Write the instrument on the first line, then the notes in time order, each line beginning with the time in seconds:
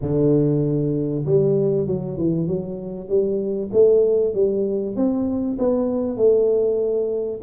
tuba
0.01 D3
1.25 G3
1.86 F#3
2.17 E3
2.47 F#3
3.08 G3
3.72 A3
4.34 G3
4.95 C4
5.58 B3
6.17 A3